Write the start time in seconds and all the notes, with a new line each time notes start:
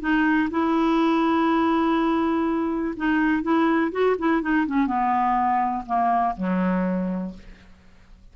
0.00 D#4
0.50 E4
2.96 D#4
3.42 E4
3.92 F#4
4.18 E4
4.41 D#4
4.67 C#4
4.86 B3
5.86 A#3
6.36 F#3